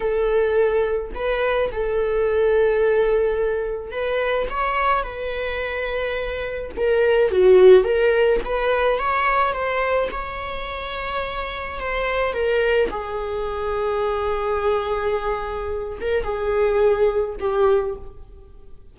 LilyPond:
\new Staff \with { instrumentName = "viola" } { \time 4/4 \tempo 4 = 107 a'2 b'4 a'4~ | a'2. b'4 | cis''4 b'2. | ais'4 fis'4 ais'4 b'4 |
cis''4 c''4 cis''2~ | cis''4 c''4 ais'4 gis'4~ | gis'1~ | gis'8 ais'8 gis'2 g'4 | }